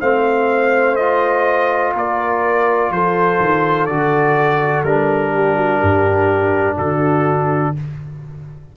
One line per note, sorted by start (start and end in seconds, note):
0.00 1.94 A3
0.00 0.99 C4
0.00 1.94 C5
0.00 0.96 F5
0.96 3.89 F4
0.96 1.93 D#5
1.94 2.91 A#3
1.94 2.92 A#4
1.94 2.92 D5
2.91 3.39 F3
2.91 5.34 A4
2.91 3.86 C5
3.40 3.87 D#3
3.86 4.83 D3
3.86 4.86 F#4
3.86 4.83 D5
4.83 5.80 G3
4.83 7.77 D4
4.83 6.77 A#4
5.34 5.55 G4
5.55 5.79 F#4
5.79 6.78 G2
5.79 6.76 G4
6.77 7.75 D3
6.77 7.73 F#4
6.77 7.75 A4